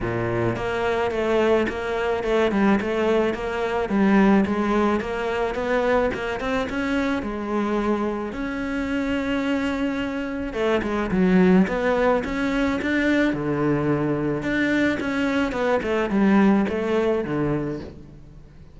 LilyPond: \new Staff \with { instrumentName = "cello" } { \time 4/4 \tempo 4 = 108 ais,4 ais4 a4 ais4 | a8 g8 a4 ais4 g4 | gis4 ais4 b4 ais8 c'8 | cis'4 gis2 cis'4~ |
cis'2. a8 gis8 | fis4 b4 cis'4 d'4 | d2 d'4 cis'4 | b8 a8 g4 a4 d4 | }